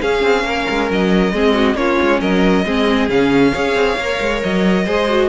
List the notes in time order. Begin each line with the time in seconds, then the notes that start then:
0.00 C#4 G#4 F5
0.22 C4
0.44 A#3 A#4
0.69 G#3
0.90 F#3 D#5
1.33 G#3 C4 G#4
1.54 F#4
1.74 A#3 C#4 F4 C#5
2.01 G#3
2.20 F#3 A#4 D#5
2.65 G#3 C4 G#4
3.09 C#3 C#4 F5
3.52 C#4 G#4 C#5
3.75 C4
3.97 A#3 A#4
4.20 G#3
4.43 F#3 D#5
4.84 G#3 G#4 C5
5.09 F#4